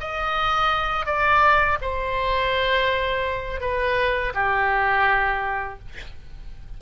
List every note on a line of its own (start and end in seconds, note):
0.00 1.05 D#5
1.05 1.77 D5
1.81 3.60 C5
3.60 4.32 B4
4.34 5.79 G4